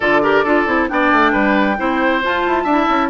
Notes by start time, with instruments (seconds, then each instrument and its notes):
0.00 bassoon D3, clarinet F4, oboe A4, flute D5
0.22 clarinet G4, oboe A#4
0.44 bassoon D4, clarinet F4, oboe A4
0.66 bassoon C4, clarinet E4
0.88 bassoon B3, clarinet D4, oboe D5, flute G5
1.12 bassoon A3
1.32 bassoon G3, oboe B4
1.77 bassoon C4, clarinet E4, oboe C5
2.23 clarinet F4, bassoon F4, flute A5
2.46 bassoon E4
2.63 bassoon D4, clarinet E4, oboe E5
2.89 bassoon C#4